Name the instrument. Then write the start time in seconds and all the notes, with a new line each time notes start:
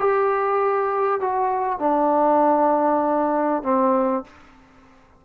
trombone
0.00 G4
1.21 F#4
1.79 D4
3.63 C4